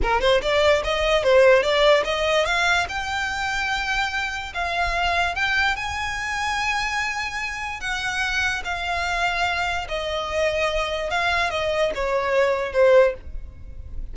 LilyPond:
\new Staff \with { instrumentName = "violin" } { \time 4/4 \tempo 4 = 146 ais'8 c''8 d''4 dis''4 c''4 | d''4 dis''4 f''4 g''4~ | g''2. f''4~ | f''4 g''4 gis''2~ |
gis''2. fis''4~ | fis''4 f''2. | dis''2. f''4 | dis''4 cis''2 c''4 | }